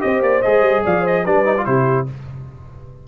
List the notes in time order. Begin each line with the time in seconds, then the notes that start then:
0.00 C4 G4 C5 D#5
0.22 A#3 D5
0.43 G#3 G#4 D#5
0.62 G3
0.85 F3 D5 F5
1.02 C5 D#5
1.24 G3 D4 B4 D5
1.46 D#4
1.58 F4
1.66 C3 E4 G4 C5